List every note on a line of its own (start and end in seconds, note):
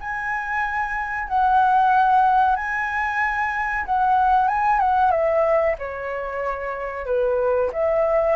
0.00 1.28 G#5
1.28 2.56 F#5
2.56 3.85 G#5
3.85 4.48 F#5
4.48 4.79 G#5
4.79 5.11 F#5
5.11 5.75 E5
5.79 7.06 C#5
7.06 7.70 B4
7.73 8.36 E5